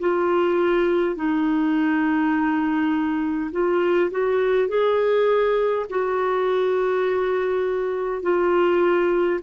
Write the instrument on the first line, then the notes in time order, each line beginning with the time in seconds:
clarinet
0.00 F4
1.16 D#4
3.52 F4
4.11 F#4
4.68 G#4
5.90 F#4
8.23 F4